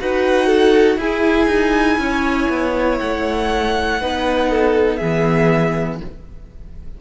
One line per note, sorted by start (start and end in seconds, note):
0.00 0.97 D#4
0.00 1.00 F#4
0.00 0.47 B4
0.00 1.00 F#5
0.47 0.97 A4
0.97 1.47 E4
0.97 4.01 E4
0.97 2.00 G#4
0.97 2.99 G#5
1.47 1.97 D#4
1.98 2.48 C#4
1.98 4.01 C#5
2.50 3.00 B3
2.99 4.01 A3
2.99 4.96 F#5
4.01 5.01 B3
4.01 5.01 D#4
4.01 4.50 B4
4.50 4.98 A4
4.96 6.01 E3
4.96 6.01 B3
4.96 5.98 G#4
4.96 5.96 E5